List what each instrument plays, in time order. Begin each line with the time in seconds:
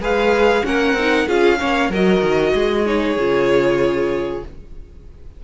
0.00 cello G#3, viola G#4, violin B4 F5
0.64 cello A#3, viola C#4, violin A#4 F#5
0.93 cello C4
0.99 viola D#4
1.28 cello C#4, viola F4, violin G#4 F5
1.59 cello A#3, viola C#4, violin C#5
1.90 cello F#3, viola F#4, violin A#4 D#5
2.22 cello D#3
2.54 cello G#3, violin G#4
2.86 viola D#4, violin C#5
3.17 cello C#3, viola F4